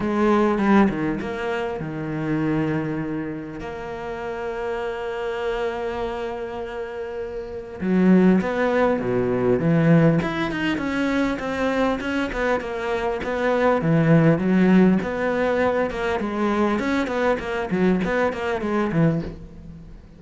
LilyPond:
\new Staff \with { instrumentName = "cello" } { \time 4/4 \tempo 4 = 100 gis4 g8 dis8 ais4 dis4~ | dis2 ais2~ | ais1~ | ais4 fis4 b4 b,4 |
e4 e'8 dis'8 cis'4 c'4 | cis'8 b8 ais4 b4 e4 | fis4 b4. ais8 gis4 | cis'8 b8 ais8 fis8 b8 ais8 gis8 e8 | }